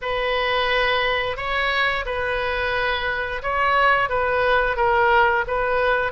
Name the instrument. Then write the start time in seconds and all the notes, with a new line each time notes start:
oboe
0.01 B4
1.36 C#5
2.05 B4
3.42 C#5
4.09 B4
4.76 A#4
5.47 B4